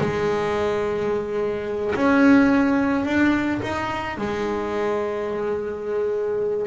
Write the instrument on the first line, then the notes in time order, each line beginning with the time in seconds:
double bass
0.00 G#3
1.95 C#4
3.05 D4
3.62 D#4
4.17 G#3